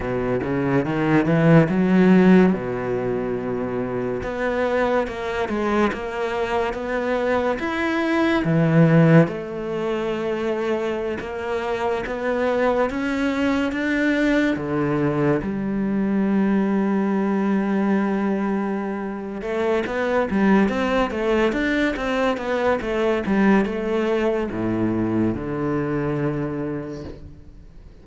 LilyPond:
\new Staff \with { instrumentName = "cello" } { \time 4/4 \tempo 4 = 71 b,8 cis8 dis8 e8 fis4 b,4~ | b,4 b4 ais8 gis8 ais4 | b4 e'4 e4 a4~ | a4~ a16 ais4 b4 cis'8.~ |
cis'16 d'4 d4 g4.~ g16~ | g2. a8 b8 | g8 c'8 a8 d'8 c'8 b8 a8 g8 | a4 a,4 d2 | }